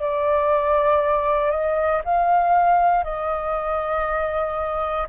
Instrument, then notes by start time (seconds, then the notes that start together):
flute
0.00 D5
1.51 D#5
2.04 F5
3.04 D#5